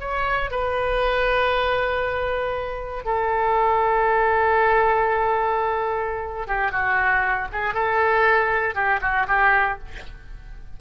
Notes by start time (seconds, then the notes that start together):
0.00 C#5
0.51 B4
3.05 A4
6.47 G4
6.72 F#4
7.53 G#4
7.74 A4
8.75 G4
9.01 F#4
9.28 G4